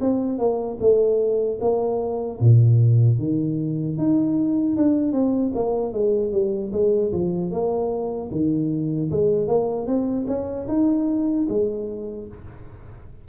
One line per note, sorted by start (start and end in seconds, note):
0.00 0.38 C4
0.38 0.78 A#3
0.80 1.59 A3
1.60 2.39 A#3
2.40 3.18 A#2
3.18 3.97 D#3
3.98 4.76 D#4
4.76 5.12 D4
5.12 5.52 C4
5.54 5.92 A#3
5.92 6.32 G#3
6.32 6.71 G3
6.72 7.12 G#3
7.12 7.51 F3
7.51 8.30 A#3
8.31 9.10 D#3
9.10 9.47 G#3
9.47 9.86 A#3
9.86 10.26 C4
10.27 10.67 C#4
10.68 11.47 D#4
11.48 12.27 G#3